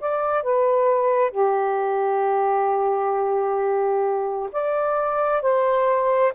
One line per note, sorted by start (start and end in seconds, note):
0.00 0.43 D5
0.43 1.31 B4
1.31 4.49 G4
4.52 5.42 D5
5.42 6.33 C5